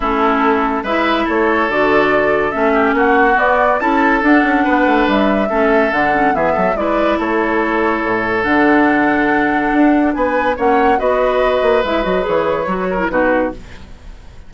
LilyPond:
<<
  \new Staff \with { instrumentName = "flute" } { \time 4/4 \tempo 4 = 142 a'2 e''4 cis''4 | d''2 e''4 fis''4 | d''4 a''4 fis''2 | e''2 fis''4 e''4 |
d''4 cis''2. | fis''1 | gis''4 fis''4 dis''2 | e''8 dis''8 cis''2 b'4 | }
  \new Staff \with { instrumentName = "oboe" } { \time 4/4 e'2 b'4 a'4~ | a'2~ a'8 g'8 fis'4~ | fis'4 a'2 b'4~ | b'4 a'2 gis'8 a'8 |
b'4 a'2.~ | a'1 | b'4 cis''4 b'2~ | b'2~ b'8 ais'8 fis'4 | }
  \new Staff \with { instrumentName = "clarinet" } { \time 4/4 cis'2 e'2 | fis'2 cis'2 | b4 e'4 d'2~ | d'4 cis'4 d'8 cis'8 b4 |
e'1 | d'1~ | d'4 cis'4 fis'2 | e'8 fis'8 gis'4 fis'8. e'16 dis'4 | }
  \new Staff \with { instrumentName = "bassoon" } { \time 4/4 a2 gis4 a4 | d2 a4 ais4 | b4 cis'4 d'8 cis'8 b8 a8 | g4 a4 d4 e8 fis8 |
gis4 a2 a,4 | d2. d'4 | b4 ais4 b4. ais8 | gis8 fis8 e4 fis4 b,4 | }
>>